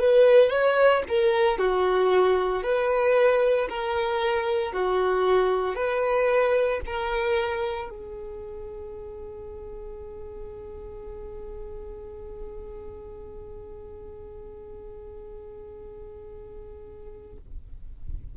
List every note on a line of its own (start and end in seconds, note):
0.00 0.50 B4
0.50 1.03 C#5
1.09 1.58 A#4
1.58 2.63 F#4
2.63 3.68 B4
3.69 4.73 A#4
4.73 5.75 F#4
5.75 6.80 B4
6.86 7.89 A#4
7.89 17.37 G#4